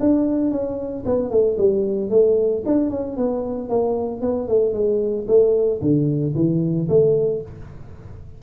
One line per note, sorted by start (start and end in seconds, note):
0.00 0.51 D4
0.51 1.04 C#4
1.05 1.30 B3
1.30 1.57 A3
1.58 2.10 G3
2.10 2.63 A3
2.65 2.90 D4
2.90 3.17 C#4
3.17 3.69 B3
3.69 4.21 A#3
4.21 4.48 B3
4.48 4.73 A3
4.73 5.26 G#3
5.27 5.80 A3
5.81 6.34 D3
6.35 6.88 E3
6.89 7.42 A3